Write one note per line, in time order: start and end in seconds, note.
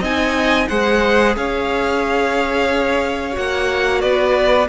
0.00 0.67 C4
0.00 0.69 D#4
0.00 0.67 D#5
0.00 0.68 G#5
0.68 1.36 G#3
0.68 3.32 G#4
0.68 1.36 C5
0.68 1.35 F#5
1.36 3.36 C#4
1.36 4.02 C#5
1.36 3.37 F5
3.32 4.03 A#3
3.32 4.65 F#4
3.32 4.01 F#5
4.01 4.68 B3
4.01 4.68 B4
4.01 4.67 D5